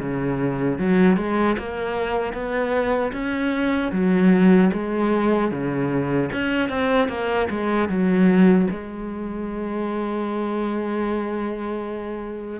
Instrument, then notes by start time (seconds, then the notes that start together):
cello
0.00 C#3
0.79 F#3
1.17 G#3
1.58 A#3
2.33 B3
3.13 C#4
3.92 F#3
4.73 G#3
5.51 C#3
6.33 C#4
6.69 C4
7.09 A#3
7.50 G#3
7.89 F#3
8.71 G#3